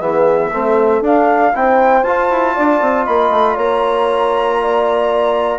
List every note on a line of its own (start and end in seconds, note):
0.00 0.52 E3
0.00 0.51 B3
0.00 0.51 G#4
0.00 1.02 E5
0.53 1.01 A3
0.53 1.03 C4
0.53 1.54 A4
1.01 1.52 D4
1.01 1.53 D4
1.01 1.56 F5
1.53 2.03 C4
1.53 2.04 E4
1.53 2.53 C5
1.53 2.03 G5
2.03 2.28 F4
2.03 5.59 F4
2.03 3.05 A5
2.31 2.56 E4
2.53 2.81 D4
2.53 3.04 D5
2.81 3.07 C4
3.04 3.30 A#3
3.04 3.54 D#5
3.04 3.56 B5
3.30 3.56 A3
3.54 5.59 A#3
3.54 4.56 C#5
3.54 5.59 A#5
4.61 5.59 D5